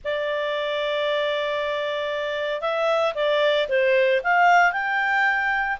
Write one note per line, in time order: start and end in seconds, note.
0.04 2.61 D5
2.61 3.13 E5
3.14 3.67 D5
3.68 4.21 C5
4.23 4.72 F5
4.72 5.77 G5